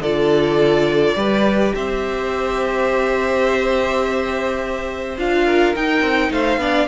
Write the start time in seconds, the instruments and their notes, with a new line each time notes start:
0.00 cello D3, viola F4, violin A4 D5
1.15 cello G3, viola G4, violin B4
1.75 cello C4, violin C5 E5
5.18 cello D4, viola F4, violin F5
5.46 violin A#4
5.75 viola D#4, cello D#4, violin G5
6.01 cello C4
6.31 cello A3, violin C5 F5
6.57 cello B3, viola D4, violin D5